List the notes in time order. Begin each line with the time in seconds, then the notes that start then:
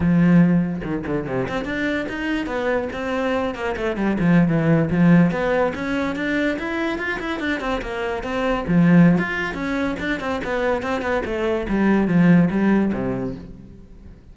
0.00 F3
0.83 D#3
1.06 D3
1.26 C3
1.48 C4
1.64 D4
2.09 D#4
2.46 B3
2.92 C4
3.54 A#3
3.76 A3
3.96 G3
4.19 F3
4.48 E3
4.90 F3
5.31 B3
5.74 C#4
6.15 D4
6.58 E4
6.98 F4
7.19 E4
7.39 D4
7.60 C4
7.81 A#3
8.23 C4
8.67 F3
9.18 F4
9.54 C#4
9.99 D4
10.20 C4
10.44 B3
10.82 C4
11.01 B3
11.25 A3
11.68 G3
12.07 F3
12.50 G3
12.93 C3